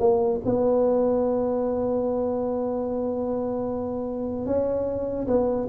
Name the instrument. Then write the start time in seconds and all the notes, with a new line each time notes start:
tuba
0.00 A#3
0.46 B3
4.46 C#4
5.27 B3